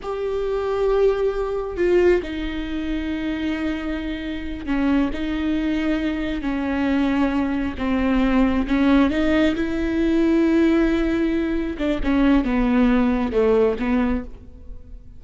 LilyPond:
\new Staff \with { instrumentName = "viola" } { \time 4/4 \tempo 4 = 135 g'1 | f'4 dis'2.~ | dis'2~ dis'8 cis'4 dis'8~ | dis'2~ dis'8 cis'4.~ |
cis'4. c'2 cis'8~ | cis'8 dis'4 e'2~ e'8~ | e'2~ e'8 d'8 cis'4 | b2 a4 b4 | }